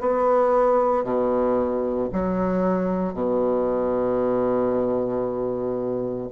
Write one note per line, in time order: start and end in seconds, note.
0.00 1.03 B3
1.03 2.09 B2
2.12 3.13 F#3
3.13 6.29 B2